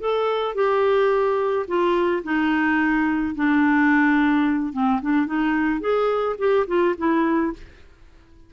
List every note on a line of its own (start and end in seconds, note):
0.00 0.55 A4
0.55 1.66 G4
1.67 2.23 F4
2.24 3.35 D#4
3.35 4.73 D4
4.73 5.01 C4
5.02 5.26 D4
5.26 5.81 D#4
5.81 6.36 G#4
6.39 6.66 G4
6.67 6.95 F4
6.97 7.53 E4